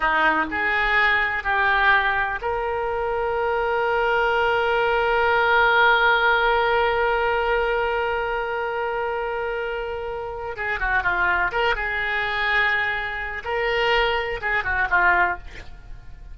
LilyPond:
\new Staff \with { instrumentName = "oboe" } { \time 4/4 \tempo 4 = 125 dis'4 gis'2 g'4~ | g'4 ais'2.~ | ais'1~ | ais'1~ |
ais'1~ | ais'2 gis'8 fis'8 f'4 | ais'8 gis'2.~ gis'8 | ais'2 gis'8 fis'8 f'4 | }